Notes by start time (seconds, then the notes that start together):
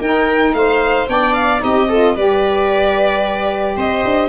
0.00 D#4 A#4 G5
0.54 A3 C5 F5
1.07 B3 D4 D5 G5
1.34 F5
1.59 C4 D#4 G4 D#5
1.89 F4 A4
2.16 G3 G4 B4 D5
3.77 C4 C5 D#5
4.05 D4